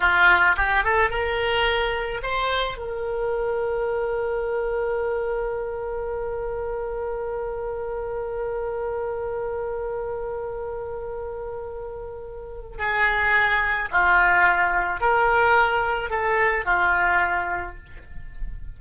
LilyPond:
\new Staff \with { instrumentName = "oboe" } { \time 4/4 \tempo 4 = 108 f'4 g'8 a'8 ais'2 | c''4 ais'2.~ | ais'1~ | ais'1~ |
ais'1~ | ais'2. gis'4~ | gis'4 f'2 ais'4~ | ais'4 a'4 f'2 | }